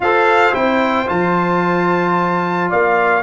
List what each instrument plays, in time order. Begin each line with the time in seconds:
0.00 tuba F4, trombone A4, horn C5, trumpet F5
0.52 tuba C4, trombone E4, trumpet G5
1.07 tuba F3, trombone F4, trumpet A5
2.69 tuba A#3, horn D5, trumpet F5